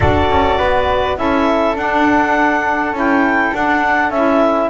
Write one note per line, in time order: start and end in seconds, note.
0.00 0.29 D4
0.00 1.15 F#4
0.00 0.58 A4
0.00 1.17 D5
0.29 0.59 C#4
0.58 1.17 B3
0.58 1.16 B4
1.15 1.75 C#4
1.15 1.74 E4
1.15 4.69 A4
1.15 1.76 E5
1.75 2.92 D4
1.75 2.94 D4
1.75 2.95 F#5
2.92 3.51 C#4
2.92 3.53 E4
2.92 3.55 G5
3.53 4.10 D4
3.53 4.12 D4
3.53 4.10 F#5
4.10 4.69 C#4
4.10 4.69 E4
4.10 4.69 E5